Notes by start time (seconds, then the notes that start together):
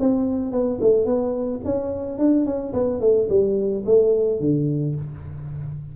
0.00 C4
0.52 B3
0.81 A3
1.06 B3
1.65 C#4
2.19 D4
2.46 C#4
2.74 B3
3.01 A3
3.30 G3
3.86 A3
4.41 D3